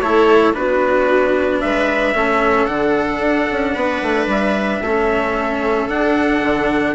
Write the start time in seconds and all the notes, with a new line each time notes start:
0.00 A3 E4 A4 C#5
0.54 B3 D4 F#4 B4
1.61 G#3 B4 E5
2.14 A3 C#4 A4
2.67 D3 D4 F#5
3.19 D4
3.52 C#4
3.75 B3 B4
4.03 A3
4.27 G3 E5
4.82 A3 C#4 A4
5.89 D4 F#5
6.42 D3